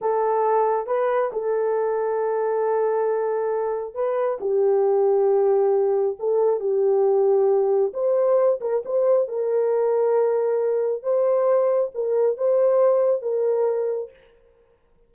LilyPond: \new Staff \with { instrumentName = "horn" } { \time 4/4 \tempo 4 = 136 a'2 b'4 a'4~ | a'1~ | a'4 b'4 g'2~ | g'2 a'4 g'4~ |
g'2 c''4. ais'8 | c''4 ais'2.~ | ais'4 c''2 ais'4 | c''2 ais'2 | }